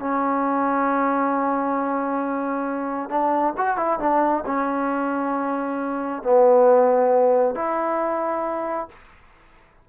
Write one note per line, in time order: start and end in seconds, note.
0.00 3.10 C#4
3.10 3.55 D4
3.58 3.77 F#4
3.77 4.00 E4
4.00 4.44 D4
4.46 6.23 C#4
6.23 7.56 B3
7.56 8.89 E4